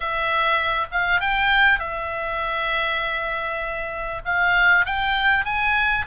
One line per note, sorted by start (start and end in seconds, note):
0.00 0.87 E5
0.91 1.20 F5
1.20 1.79 G5
1.79 4.21 E5
4.25 4.85 F5
4.85 5.44 G5
5.44 6.05 G#5